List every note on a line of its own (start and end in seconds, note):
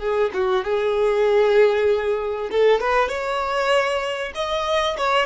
0.00 0.31 G#4
0.34 0.65 F#4
0.65 2.50 G#4
2.51 2.81 A4
2.81 3.09 B4
3.09 4.33 C#5
4.35 4.97 D#5
4.98 5.26 C#5